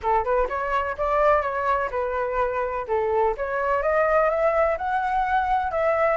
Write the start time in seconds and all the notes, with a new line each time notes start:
0.02 A4
0.24 B4
0.48 C#5
0.97 D5
1.42 C#5
1.90 B4
2.87 A4
3.37 C#5
3.82 D#5
4.29 E5
4.77 F#5
5.71 E5